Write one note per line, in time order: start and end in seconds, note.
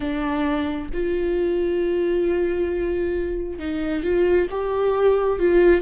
0.00 0.89 D4
0.93 3.58 F4
3.58 4.03 D#4
4.03 4.47 F4
4.50 5.39 G4
5.39 5.81 F4